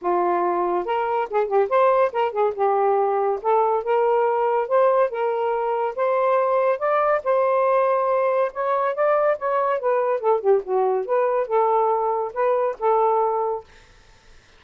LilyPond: \new Staff \with { instrumentName = "saxophone" } { \time 4/4 \tempo 4 = 141 f'2 ais'4 gis'8 g'8 | c''4 ais'8 gis'8 g'2 | a'4 ais'2 c''4 | ais'2 c''2 |
d''4 c''2. | cis''4 d''4 cis''4 b'4 | a'8 g'8 fis'4 b'4 a'4~ | a'4 b'4 a'2 | }